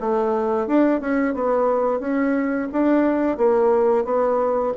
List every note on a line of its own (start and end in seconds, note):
0.00 0.67 A3
0.67 1.00 D4
1.00 1.34 C#4
1.34 2.00 B3
2.00 2.68 C#4
2.72 3.37 D4
3.37 4.05 A#3
4.05 4.73 B3